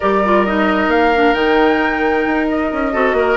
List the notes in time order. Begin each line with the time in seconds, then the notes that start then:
0.00 G3 G4 A#4 D5
0.25 F4
0.45 D#4 D#5
0.87 A#3 F5
1.14 D4
1.34 D#3 D#4 G5
2.26 D#4
2.48 D#5
2.71 C#4
2.92 C4 F#4 A4
3.13 A#3 A#4